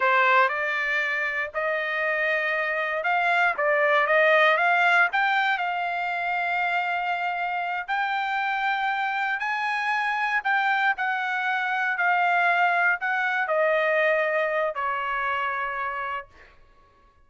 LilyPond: \new Staff \with { instrumentName = "trumpet" } { \time 4/4 \tempo 4 = 118 c''4 d''2 dis''4~ | dis''2 f''4 d''4 | dis''4 f''4 g''4 f''4~ | f''2.~ f''8 g''8~ |
g''2~ g''8 gis''4.~ | gis''8 g''4 fis''2 f''8~ | f''4. fis''4 dis''4.~ | dis''4 cis''2. | }